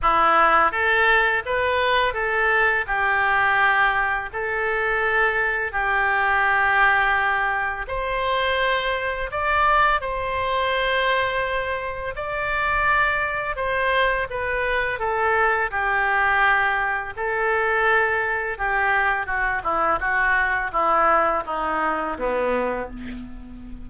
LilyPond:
\new Staff \with { instrumentName = "oboe" } { \time 4/4 \tempo 4 = 84 e'4 a'4 b'4 a'4 | g'2 a'2 | g'2. c''4~ | c''4 d''4 c''2~ |
c''4 d''2 c''4 | b'4 a'4 g'2 | a'2 g'4 fis'8 e'8 | fis'4 e'4 dis'4 b4 | }